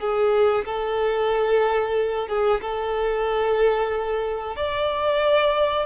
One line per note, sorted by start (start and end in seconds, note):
0.00 0.65 G#4
0.66 2.28 A4
2.28 2.61 G#4
2.61 4.56 A4
4.56 5.86 D5